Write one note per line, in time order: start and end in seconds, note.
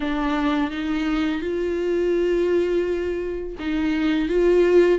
0.00 0.70 D4
0.70 1.41 D#4
1.41 3.56 F4
3.59 4.28 D#4
4.28 4.98 F4